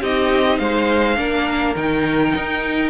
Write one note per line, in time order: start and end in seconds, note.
0.00 0.59 C4
0.00 1.16 D#4
0.00 0.58 G4
0.00 0.58 D#5
0.58 1.17 G#3
0.58 1.17 C5
0.58 1.75 F5
1.16 1.75 A#3
1.16 1.74 D4
1.16 2.90 A#4
1.75 2.34 D#3
1.75 2.90 D#4
1.75 2.90 G5
2.35 2.90 D#4